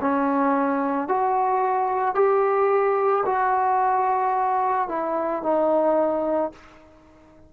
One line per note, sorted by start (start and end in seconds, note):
0.00 1.08 C#4
1.08 2.15 F#4
2.15 3.24 G4
3.25 4.88 F#4
4.88 5.42 E4
5.42 6.52 D#4